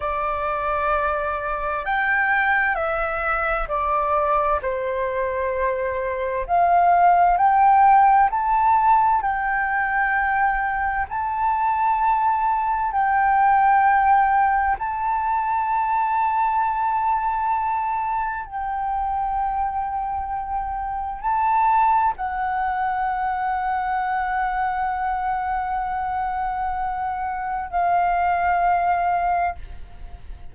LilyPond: \new Staff \with { instrumentName = "flute" } { \time 4/4 \tempo 4 = 65 d''2 g''4 e''4 | d''4 c''2 f''4 | g''4 a''4 g''2 | a''2 g''2 |
a''1 | g''2. a''4 | fis''1~ | fis''2 f''2 | }